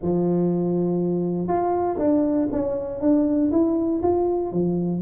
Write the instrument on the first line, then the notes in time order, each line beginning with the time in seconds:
tuba
0.02 F3
1.48 F4
1.98 D4
2.52 C#4
3.00 D4
3.51 E4
4.02 F4
4.52 F3